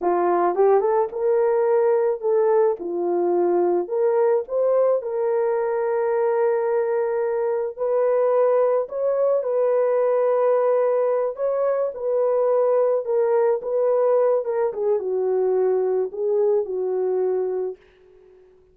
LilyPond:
\new Staff \with { instrumentName = "horn" } { \time 4/4 \tempo 4 = 108 f'4 g'8 a'8 ais'2 | a'4 f'2 ais'4 | c''4 ais'2.~ | ais'2 b'2 |
cis''4 b'2.~ | b'8 cis''4 b'2 ais'8~ | ais'8 b'4. ais'8 gis'8 fis'4~ | fis'4 gis'4 fis'2 | }